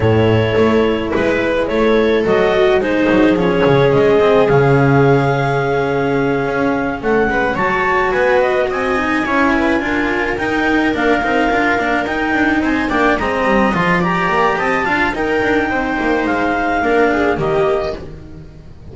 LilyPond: <<
  \new Staff \with { instrumentName = "clarinet" } { \time 4/4 \tempo 4 = 107 cis''2 b'4 cis''4 | dis''4 c''4 cis''4 dis''4 | f''1~ | f''8 fis''4 a''4 gis''8 dis''8 gis''8~ |
gis''2~ gis''8 g''4 f''8~ | f''4. g''4 gis''8 g''8 ais''8~ | ais''8 c'''8 ais''4 a''4 g''4~ | g''4 f''2 dis''4 | }
  \new Staff \with { instrumentName = "viola" } { \time 4/4 a'2 b'4 a'4~ | a'4 gis'2.~ | gis'1~ | gis'8 a'8 b'8 cis''4 b'4 dis''8~ |
dis''8 cis''8 b'8 ais'2~ ais'8~ | ais'2~ ais'8 c''8 d''8 dis''8~ | dis''4 d''4 dis''8 f''8 ais'4 | c''2 ais'8 gis'8 g'4 | }
  \new Staff \with { instrumentName = "cello" } { \time 4/4 e'1 | fis'4 dis'4 cis'4. c'8 | cis'1~ | cis'4. fis'2~ fis'8 |
dis'8 e'4 f'4 dis'4 d'8 | dis'8 f'8 d'8 dis'4. d'8 c'8~ | c'8 f'8 g'4. f'8 dis'4~ | dis'2 d'4 ais4 | }
  \new Staff \with { instrumentName = "double bass" } { \time 4/4 a,4 a4 gis4 a4 | fis4 gis8 fis8 f8 cis8 gis4 | cis2.~ cis8 cis'8~ | cis'8 a8 gis8 fis4 b4 c'8~ |
c'8 cis'4 d'4 dis'4 ais8 | c'8 d'8 ais8 dis'8 d'8 c'8 ais8 gis8 | g8 f4 ais8 c'8 d'8 dis'8 d'8 | c'8 ais8 gis4 ais4 dis4 | }
>>